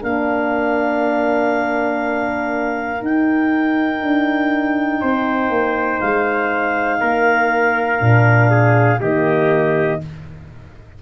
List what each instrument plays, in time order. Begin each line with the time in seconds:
0.00 tuba A#3, horn D4, trumpet A#4, clarinet F5
3.00 horn D#4, tuba D#4, clarinet G5
4.02 tuba D4
5.01 tuba C4, trumpet C5
5.50 tuba A#3
6.01 tuba G#3, clarinet F5
7.00 tuba A#3, trumpet A#4
7.99 tuba A#2, horn D4
8.51 trumpet G#4
9.00 tuba D#3, horn A#3, trumpet G4, clarinet D#5